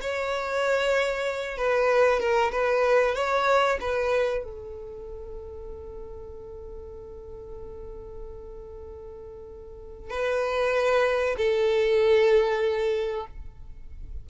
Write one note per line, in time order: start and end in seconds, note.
0.00 1.57 C#5
1.57 2.19 B4
2.19 2.51 A#4
2.51 3.15 B4
3.15 3.78 C#5
3.80 4.43 B4
4.43 10.10 A4
10.10 11.36 B4
11.37 13.26 A4